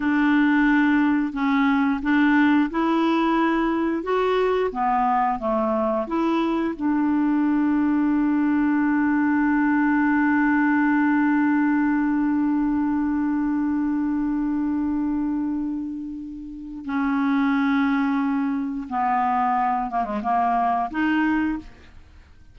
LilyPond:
\new Staff \with { instrumentName = "clarinet" } { \time 4/4 \tempo 4 = 89 d'2 cis'4 d'4 | e'2 fis'4 b4 | a4 e'4 d'2~ | d'1~ |
d'1~ | d'1~ | d'4 cis'2. | b4. ais16 gis16 ais4 dis'4 | }